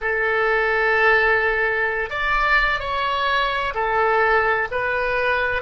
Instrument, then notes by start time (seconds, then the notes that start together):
oboe
0.01 A4
2.10 D5
2.79 C#5
3.74 A4
4.71 B4